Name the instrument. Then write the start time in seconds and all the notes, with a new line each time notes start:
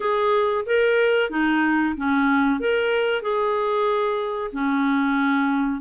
clarinet
0.00 G#4
0.66 A#4
1.30 D#4
1.96 C#4
2.60 A#4
3.22 G#4
4.52 C#4